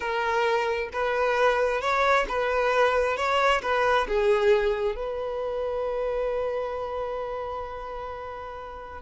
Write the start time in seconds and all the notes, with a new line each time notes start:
0.00 A#4
0.92 B4
1.81 C#5
2.28 B4
3.16 C#5
3.62 B4
4.07 G#4
4.95 B4